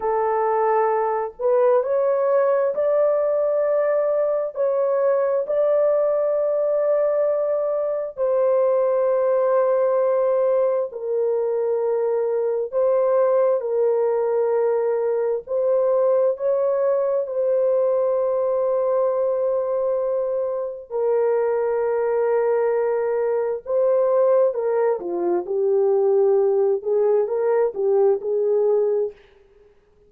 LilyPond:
\new Staff \with { instrumentName = "horn" } { \time 4/4 \tempo 4 = 66 a'4. b'8 cis''4 d''4~ | d''4 cis''4 d''2~ | d''4 c''2. | ais'2 c''4 ais'4~ |
ais'4 c''4 cis''4 c''4~ | c''2. ais'4~ | ais'2 c''4 ais'8 f'8 | g'4. gis'8 ais'8 g'8 gis'4 | }